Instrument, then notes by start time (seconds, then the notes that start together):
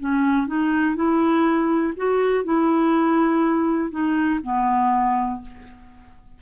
clarinet
0.00 C#4
0.47 D#4
0.96 E4
1.97 F#4
2.45 E4
3.91 D#4
4.43 B3